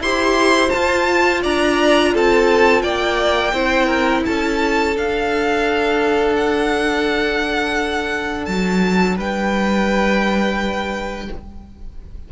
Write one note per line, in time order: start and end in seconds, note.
0.00 0.71 E4
0.00 0.69 G4
0.00 1.42 C5
0.00 0.70 C6
0.69 3.51 F4
0.69 1.41 A5
0.75 1.45 F4
1.42 2.15 D4
1.42 2.13 D5
1.42 2.14 A#5
2.14 2.84 C4
2.14 2.83 A4
2.14 2.82 A5
2.82 3.53 A#3
2.82 3.54 D5
2.82 4.24 G5
3.53 4.24 C4
3.53 4.94 E4
3.53 3.87 C5
3.87 4.22 A#4
4.26 4.97 C#4
4.26 9.17 A4
4.26 4.97 A5
4.94 11.29 D4
4.94 8.47 D4
4.94 6.36 F5
6.36 8.46 F#5
8.46 9.17 F#3
8.46 9.16 A5
9.17 11.29 G3
9.17 11.29 B4
9.17 11.32 G5